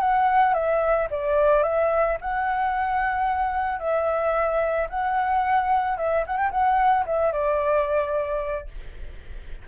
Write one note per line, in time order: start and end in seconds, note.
0.00 0.54 F#5
0.54 1.08 E5
1.11 1.63 D5
1.63 2.17 E5
2.21 3.79 F#5
3.79 4.87 E5
4.89 5.97 F#5
5.97 6.24 E5
6.27 6.37 F#5
6.37 6.51 G5
6.51 7.05 F#5
7.06 7.32 E5
7.32 8.67 D5